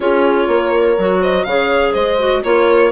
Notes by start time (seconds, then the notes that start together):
0.00 C#4 F4 G#4 C#5
0.47 A#3 A#4
0.98 F#3 F#4
1.20 C5 D#5
1.44 C#3 G#4 C#5 F5
1.92 G#3 C5 D#5
2.18 F#4
2.43 A#3 F4 A#4 C#5